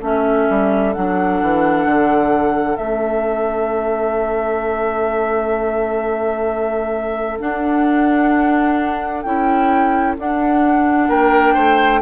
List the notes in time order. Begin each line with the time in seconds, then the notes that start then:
0.00 A3 C#4 A4 E5
0.49 G3
0.93 F#3 D4 F#5
1.42 E3
1.85 D3
2.76 A3 C#4 E5
7.39 D4 F#5
9.23 C#4 E4 G5
10.18 D4 F#5
11.09 A#3 A#4 G5
11.54 A3 C5